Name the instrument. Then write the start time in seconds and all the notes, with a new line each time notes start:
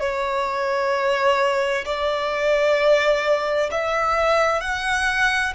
violin
0.00 C#5
1.85 D5
3.71 E5
4.61 F#5